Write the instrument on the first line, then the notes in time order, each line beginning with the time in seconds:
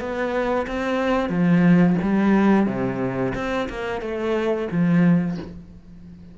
cello
0.00 B3
0.67 C4
1.29 F3
2.02 G3
2.66 C3
3.35 C4
3.69 A#3
4.02 A3
4.71 F3